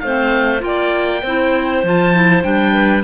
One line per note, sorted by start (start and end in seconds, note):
0.00 0.62 A3
0.00 0.59 C4
0.00 0.64 C5
0.00 0.61 F5
0.59 1.23 A#3
0.59 1.20 F4
0.59 1.85 G5
0.66 1.23 D5
1.23 1.83 C4
1.23 1.84 E4
1.23 2.74 C5
1.83 2.44 F3
1.83 2.14 F4
1.83 2.43 A5
2.14 2.42 E4
2.42 3.03 G3
2.42 3.03 D4
2.42 3.03 G5
2.74 3.03 B4